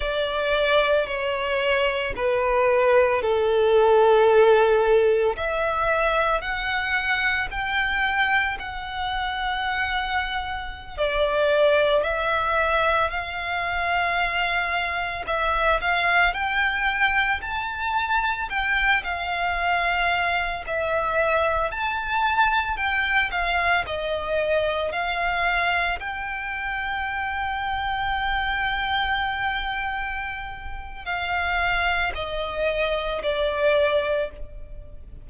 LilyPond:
\new Staff \with { instrumentName = "violin" } { \time 4/4 \tempo 4 = 56 d''4 cis''4 b'4 a'4~ | a'4 e''4 fis''4 g''4 | fis''2~ fis''16 d''4 e''8.~ | e''16 f''2 e''8 f''8 g''8.~ |
g''16 a''4 g''8 f''4. e''8.~ | e''16 a''4 g''8 f''8 dis''4 f''8.~ | f''16 g''2.~ g''8.~ | g''4 f''4 dis''4 d''4 | }